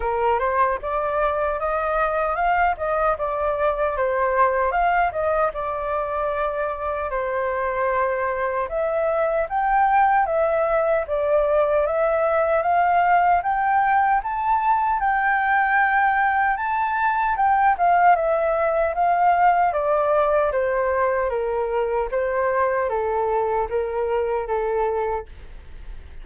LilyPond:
\new Staff \with { instrumentName = "flute" } { \time 4/4 \tempo 4 = 76 ais'8 c''8 d''4 dis''4 f''8 dis''8 | d''4 c''4 f''8 dis''8 d''4~ | d''4 c''2 e''4 | g''4 e''4 d''4 e''4 |
f''4 g''4 a''4 g''4~ | g''4 a''4 g''8 f''8 e''4 | f''4 d''4 c''4 ais'4 | c''4 a'4 ais'4 a'4 | }